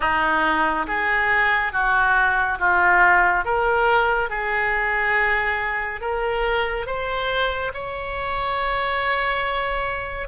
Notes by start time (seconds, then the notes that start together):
0.00 D#4
0.87 G#4
1.72 F#4
2.59 F4
3.44 A#4
4.29 G#4
6.00 A#4
6.86 C5
7.73 C#5